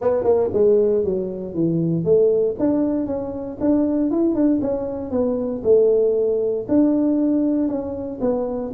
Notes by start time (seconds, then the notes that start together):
0.01 B3
0.23 A#3
0.53 G#3
1.04 F#3
1.54 E3
2.04 A3
2.59 D4
3.06 C#4
3.60 D4
4.10 E4
4.34 D4
4.61 C#4
5.10 B3
5.63 A3
6.68 D4
7.68 C#4
8.21 B3